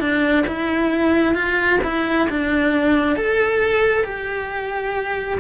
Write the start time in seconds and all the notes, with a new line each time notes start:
0.00 D4
0.47 E4
1.35 F4
1.84 E4
2.29 D4
3.16 A4
4.04 G4